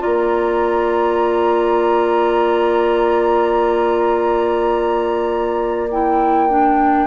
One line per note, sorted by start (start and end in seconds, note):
0.00 7.07 A#3
0.00 5.88 F4
0.00 7.07 D5
0.00 5.90 A#5
5.91 6.49 E4
5.91 7.07 G5
6.49 7.07 D4